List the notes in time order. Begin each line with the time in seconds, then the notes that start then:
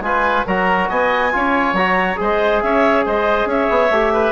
0.00 G#3 F4 B4 G#5
0.47 F#3 F#4 A#4 A#5
0.89 B3 D#5 G#5
1.32 C#4 F4 C#5
1.73 F#3 F#4 A#5
2.17 G#3 G#4 C5 D#5
2.62 C#4 C#5 E5
3.05 G#3 C5 D#5
3.46 C#4 C#5 E5
3.70 B3
3.90 A3 G4
4.13 B4